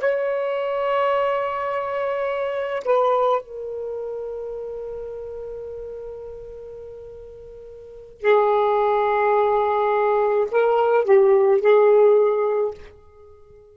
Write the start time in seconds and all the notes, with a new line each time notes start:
0.00 C#5
2.85 B4
3.42 A#4
8.21 G#4
10.51 A#4
11.05 G4
11.61 G#4